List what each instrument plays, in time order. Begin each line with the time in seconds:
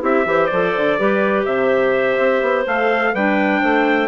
0.00 bassoon C4, clarinet E4 G4, trumpet E5
0.25 bassoon E3, clarinet G4 C5
0.47 bassoon F3, clarinet A4, trumpet D5
0.77 bassoon D3
0.99 bassoon G3, clarinet G4 B4
1.45 bassoon C3, clarinet C5, trumpet E5
2.19 bassoon C4
2.42 bassoon B3
2.66 bassoon A3, clarinet A4, trumpet F5
3.13 bassoon G3, clarinet D4 B4, trumpet G5
3.61 bassoon A3, clarinet C5